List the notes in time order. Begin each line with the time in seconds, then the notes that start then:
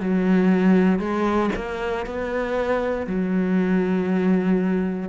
0.00 F#3
0.99 G#3
1.55 A#3
2.06 B3
3.06 F#3